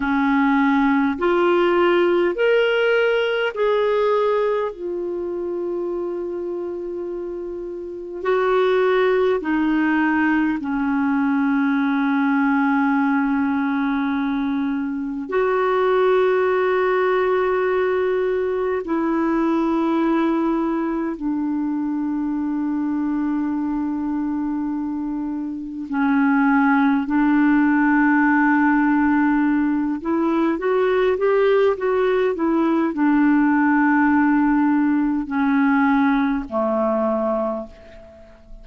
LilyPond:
\new Staff \with { instrumentName = "clarinet" } { \time 4/4 \tempo 4 = 51 cis'4 f'4 ais'4 gis'4 | f'2. fis'4 | dis'4 cis'2.~ | cis'4 fis'2. |
e'2 d'2~ | d'2 cis'4 d'4~ | d'4. e'8 fis'8 g'8 fis'8 e'8 | d'2 cis'4 a4 | }